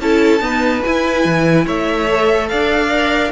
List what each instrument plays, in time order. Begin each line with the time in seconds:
0.00 cello C#4, viola E4, violin A4 A5
0.41 viola B3, cello D#4, violin B4
0.84 viola E4, cello E4, violin G#5
1.25 cello E3
1.66 cello A3, violin C#5 E5
2.09 viola A4
2.49 cello D4, violin D5 F5
2.90 viola A#4